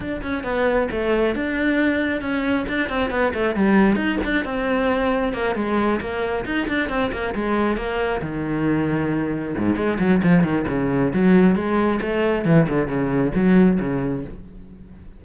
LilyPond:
\new Staff \with { instrumentName = "cello" } { \time 4/4 \tempo 4 = 135 d'8 cis'8 b4 a4 d'4~ | d'4 cis'4 d'8 c'8 b8 a8 | g4 dis'8 d'8 c'2 | ais8 gis4 ais4 dis'8 d'8 c'8 |
ais8 gis4 ais4 dis4.~ | dis4. gis,8 gis8 fis8 f8 dis8 | cis4 fis4 gis4 a4 | e8 d8 cis4 fis4 cis4 | }